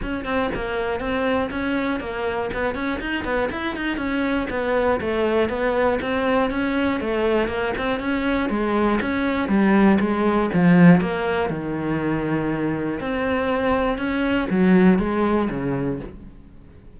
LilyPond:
\new Staff \with { instrumentName = "cello" } { \time 4/4 \tempo 4 = 120 cis'8 c'8 ais4 c'4 cis'4 | ais4 b8 cis'8 dis'8 b8 e'8 dis'8 | cis'4 b4 a4 b4 | c'4 cis'4 a4 ais8 c'8 |
cis'4 gis4 cis'4 g4 | gis4 f4 ais4 dis4~ | dis2 c'2 | cis'4 fis4 gis4 cis4 | }